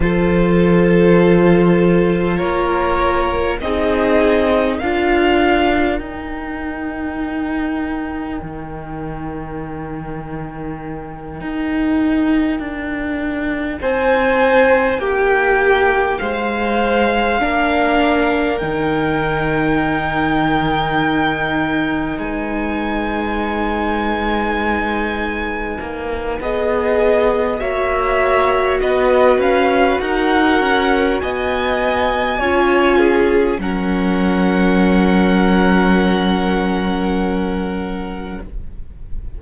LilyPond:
<<
  \new Staff \with { instrumentName = "violin" } { \time 4/4 \tempo 4 = 50 c''2 cis''4 dis''4 | f''4 g''2.~ | g''2.~ g''8 gis''8~ | gis''8 g''4 f''2 g''8~ |
g''2~ g''8 gis''4.~ | gis''2 dis''4 e''4 | dis''8 f''8 fis''4 gis''2 | fis''1 | }
  \new Staff \with { instrumentName = "violin" } { \time 4/4 a'2 ais'4 gis'4 | ais'1~ | ais'2.~ ais'8 c''8~ | c''8 g'4 c''4 ais'4.~ |
ais'2~ ais'8 b'4.~ | b'2. cis''4 | b'4 ais'4 dis''4 cis''8 gis'8 | ais'1 | }
  \new Staff \with { instrumentName = "viola" } { \time 4/4 f'2. dis'4 | f'4 dis'2.~ | dis'1~ | dis'2~ dis'8 d'4 dis'8~ |
dis'1~ | dis'2 gis'4 fis'4~ | fis'2. f'4 | cis'1 | }
  \new Staff \with { instrumentName = "cello" } { \time 4/4 f2 ais4 c'4 | d'4 dis'2 dis4~ | dis4. dis'4 d'4 c'8~ | c'8 ais4 gis4 ais4 dis8~ |
dis2~ dis8 gis4.~ | gis4. ais8 b4 ais4 | b8 cis'8 dis'8 cis'8 b4 cis'4 | fis1 | }
>>